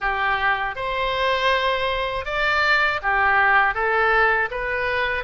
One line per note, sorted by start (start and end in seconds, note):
0.00 0.75 G4
0.75 2.25 C5
2.25 3.00 D5
3.02 3.74 G4
3.74 4.49 A4
4.50 5.24 B4